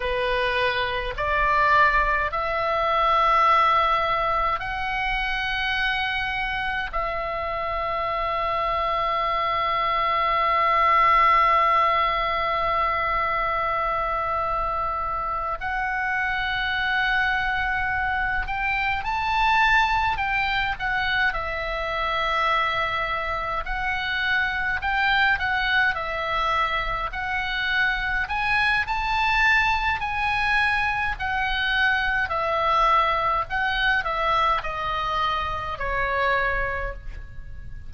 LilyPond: \new Staff \with { instrumentName = "oboe" } { \time 4/4 \tempo 4 = 52 b'4 d''4 e''2 | fis''2 e''2~ | e''1~ | e''4. fis''2~ fis''8 |
g''8 a''4 g''8 fis''8 e''4.~ | e''8 fis''4 g''8 fis''8 e''4 fis''8~ | fis''8 gis''8 a''4 gis''4 fis''4 | e''4 fis''8 e''8 dis''4 cis''4 | }